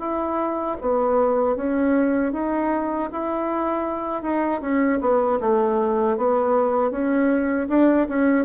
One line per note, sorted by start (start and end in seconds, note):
0.00 0.77 E4
0.81 1.57 B3
1.57 2.33 C#4
2.33 3.10 D#4
3.12 4.23 E4
4.23 4.61 D#4
4.62 5.00 C#4
5.01 5.40 B3
5.41 6.18 A3
6.18 6.91 B3
6.91 7.68 C#4
7.69 8.07 D4
8.09 8.45 C#4